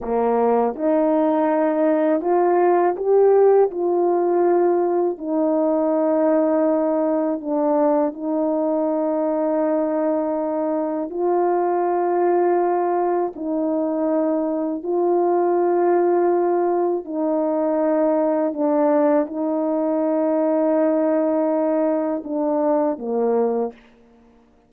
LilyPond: \new Staff \with { instrumentName = "horn" } { \time 4/4 \tempo 4 = 81 ais4 dis'2 f'4 | g'4 f'2 dis'4~ | dis'2 d'4 dis'4~ | dis'2. f'4~ |
f'2 dis'2 | f'2. dis'4~ | dis'4 d'4 dis'2~ | dis'2 d'4 ais4 | }